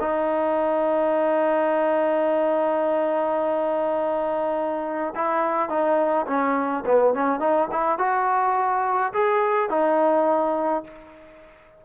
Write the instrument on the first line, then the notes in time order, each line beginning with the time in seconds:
trombone
0.00 D#4
5.16 E4
5.69 D#4
6.27 C#4
6.86 B3
7.14 C#4
7.40 D#4
7.71 E4
7.99 F#4
9.13 G#4
9.70 D#4